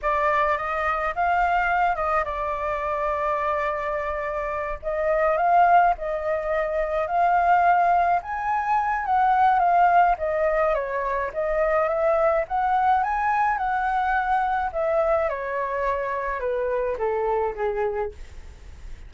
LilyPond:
\new Staff \with { instrumentName = "flute" } { \time 4/4 \tempo 4 = 106 d''4 dis''4 f''4. dis''8 | d''1~ | d''8 dis''4 f''4 dis''4.~ | dis''8 f''2 gis''4. |
fis''4 f''4 dis''4 cis''4 | dis''4 e''4 fis''4 gis''4 | fis''2 e''4 cis''4~ | cis''4 b'4 a'4 gis'4 | }